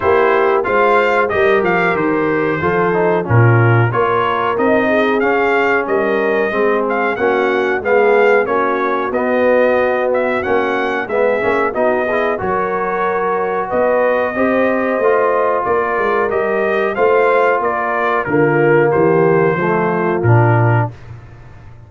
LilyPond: <<
  \new Staff \with { instrumentName = "trumpet" } { \time 4/4 \tempo 4 = 92 c''4 f''4 dis''8 f''8 c''4~ | c''4 ais'4 cis''4 dis''4 | f''4 dis''4. f''8 fis''4 | f''4 cis''4 dis''4. e''8 |
fis''4 e''4 dis''4 cis''4~ | cis''4 dis''2. | d''4 dis''4 f''4 d''4 | ais'4 c''2 ais'4 | }
  \new Staff \with { instrumentName = "horn" } { \time 4/4 g'4 c''4 ais'2 | a'4 f'4 ais'4. gis'8~ | gis'4 ais'4 gis'4 fis'4 | gis'4 fis'2.~ |
fis'4 gis'4 fis'8 gis'8 ais'4~ | ais'4 b'4 c''2 | ais'2 c''4 ais'4 | f'4 g'4 f'2 | }
  \new Staff \with { instrumentName = "trombone" } { \time 4/4 e'4 f'4 g'2 | f'8 dis'8 cis'4 f'4 dis'4 | cis'2 c'4 cis'4 | b4 cis'4 b2 |
cis'4 b8 cis'8 dis'8 e'8 fis'4~ | fis'2 g'4 f'4~ | f'4 g'4 f'2 | ais2 a4 d'4 | }
  \new Staff \with { instrumentName = "tuba" } { \time 4/4 ais4 gis4 g8 f8 dis4 | f4 ais,4 ais4 c'4 | cis'4 g4 gis4 ais4 | gis4 ais4 b2 |
ais4 gis8 ais8 b4 fis4~ | fis4 b4 c'4 a4 | ais8 gis8 g4 a4 ais4 | d4 e4 f4 ais,4 | }
>>